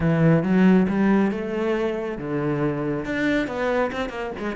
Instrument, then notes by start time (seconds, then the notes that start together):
cello
0.00 E3
0.43 F#3
0.88 G3
1.31 A3
2.18 D3
3.05 D4
3.47 B3
3.92 C4
4.09 A#3
4.38 G#3